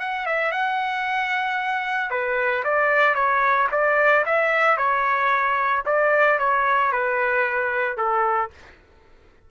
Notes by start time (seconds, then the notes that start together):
0.00 F#5
0.27 E5
0.52 F#5
2.11 B4
2.65 D5
3.15 C#5
3.72 D5
4.26 E5
4.78 C#5
5.86 D5
6.39 C#5
6.92 B4
7.98 A4